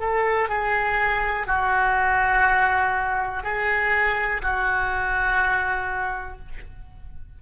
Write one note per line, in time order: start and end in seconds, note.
0.00 0.49 A4
0.49 1.47 G#4
1.47 3.43 F#4
3.43 4.42 G#4
4.42 6.39 F#4